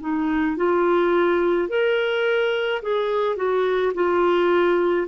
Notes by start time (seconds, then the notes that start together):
0.00 D#4
0.56 F4
1.68 A#4
2.82 G#4
3.36 F#4
3.94 F4